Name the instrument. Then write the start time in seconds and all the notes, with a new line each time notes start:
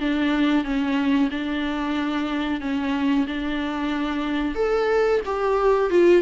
viola
0.00 D4
0.64 C#4
1.30 D4
2.61 C#4
3.27 D4
4.55 A4
5.25 G4
5.90 F4